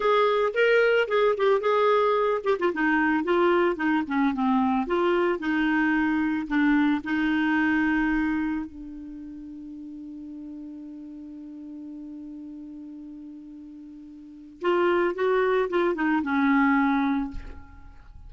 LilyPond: \new Staff \with { instrumentName = "clarinet" } { \time 4/4 \tempo 4 = 111 gis'4 ais'4 gis'8 g'8 gis'4~ | gis'8 g'16 f'16 dis'4 f'4 dis'8 cis'8 | c'4 f'4 dis'2 | d'4 dis'2. |
d'1~ | d'1~ | d'2. f'4 | fis'4 f'8 dis'8 cis'2 | }